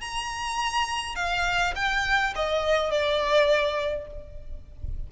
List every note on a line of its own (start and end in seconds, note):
0.00 1.15 A#5
1.15 1.73 F5
1.75 2.33 G5
2.35 2.90 D#5
2.90 4.07 D5